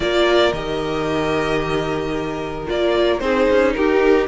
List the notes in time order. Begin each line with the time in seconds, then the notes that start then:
0.00 A#3 F4 A#4 D5
0.52 D#3 G4 D#5
2.66 A#3 F4 D5
3.19 C4 D#4 G#4 C5
3.50 C#4
3.73 D#4 G4 A#4